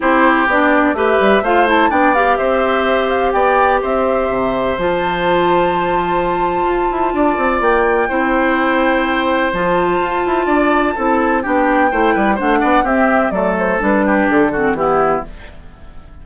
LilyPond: <<
  \new Staff \with { instrumentName = "flute" } { \time 4/4 \tempo 4 = 126 c''4 d''4 e''4 f''8 a''8 | g''8 f''8 e''4. f''8 g''4 | e''2 a''2~ | a''1 |
g''1 | a''1 | g''2 fis''4 e''4 | d''8 c''8 b'4 a'4 g'4 | }
  \new Staff \with { instrumentName = "oboe" } { \time 4/4 g'2 b'4 c''4 | d''4 c''2 d''4 | c''1~ | c''2. d''4~ |
d''4 c''2.~ | c''2 d''4 a'4 | g'4 c''8 b'8 c''8 d''8 g'4 | a'4. g'4 fis'8 e'4 | }
  \new Staff \with { instrumentName = "clarinet" } { \time 4/4 e'4 d'4 g'4 f'8 e'8 | d'8 g'2.~ g'8~ | g'2 f'2~ | f'1~ |
f'4 e'2. | f'2. e'4 | d'4 e'4 d'4 c'4 | a4 d'4. c'8 b4 | }
  \new Staff \with { instrumentName = "bassoon" } { \time 4/4 c'4 b4 a8 g8 a4 | b4 c'2 b4 | c'4 c4 f2~ | f2 f'8 e'8 d'8 c'8 |
ais4 c'2. | f4 f'8 e'8 d'4 c'4 | b4 a8 g8 a8 b8 c'4 | fis4 g4 d4 e4 | }
>>